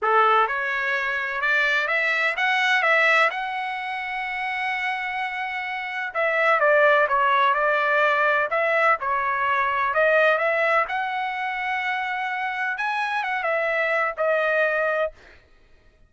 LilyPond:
\new Staff \with { instrumentName = "trumpet" } { \time 4/4 \tempo 4 = 127 a'4 cis''2 d''4 | e''4 fis''4 e''4 fis''4~ | fis''1~ | fis''4 e''4 d''4 cis''4 |
d''2 e''4 cis''4~ | cis''4 dis''4 e''4 fis''4~ | fis''2. gis''4 | fis''8 e''4. dis''2 | }